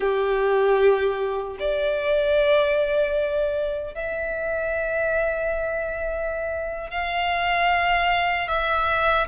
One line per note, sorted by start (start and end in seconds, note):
0.00 1.57 G4
1.59 3.94 D5
3.94 6.90 E5
6.90 8.48 F5
8.48 9.27 E5